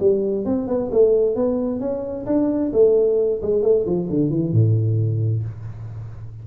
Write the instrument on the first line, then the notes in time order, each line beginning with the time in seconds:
tuba
0.00 G3
0.45 C4
0.68 B3
0.92 A3
1.36 B3
1.80 C#4
2.26 D4
2.73 A3
3.42 G#3
3.62 A3
3.86 F3
4.10 D3
4.30 E3
4.52 A2